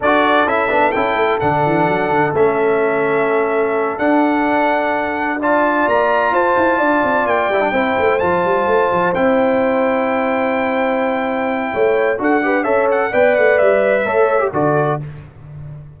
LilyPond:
<<
  \new Staff \with { instrumentName = "trumpet" } { \time 4/4 \tempo 4 = 128 d''4 e''4 g''4 fis''4~ | fis''4 e''2.~ | e''8 fis''2. a''8~ | a''8 ais''4 a''2 g''8~ |
g''4. a''2 g''8~ | g''1~ | g''2 fis''4 e''8 fis''8 | g''8 fis''8 e''2 d''4 | }
  \new Staff \with { instrumentName = "horn" } { \time 4/4 a'1~ | a'1~ | a'2.~ a'8 d''8~ | d''4. c''4 d''4.~ |
d''8 c''2.~ c''8~ | c''1~ | c''4 cis''4 a'8 b'8 cis''4 | d''2 cis''4 a'4 | }
  \new Staff \with { instrumentName = "trombone" } { \time 4/4 fis'4 e'8 d'8 e'4 d'4~ | d'4 cis'2.~ | cis'8 d'2. f'8~ | f'1 |
e'16 d'16 e'4 f'2 e'8~ | e'1~ | e'2 fis'8 g'8 a'4 | b'2 a'8. g'16 fis'4 | }
  \new Staff \with { instrumentName = "tuba" } { \time 4/4 d'4 cis'8 b8 cis'8 a8 d8 e8 | fis8 d8 a2.~ | a8 d'2.~ d'8~ | d'8 ais4 f'8 e'8 d'8 c'8 ais8 |
g8 c'8 a8 f8 g8 a8 f8 c'8~ | c'1~ | c'4 a4 d'4 cis'4 | b8 a8 g4 a4 d4 | }
>>